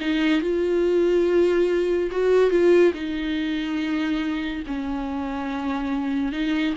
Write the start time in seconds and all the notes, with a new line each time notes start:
0.00 D#4
0.41 F4
2.10 F#4
2.50 F4
2.94 D#4
4.66 C#4
6.32 D#4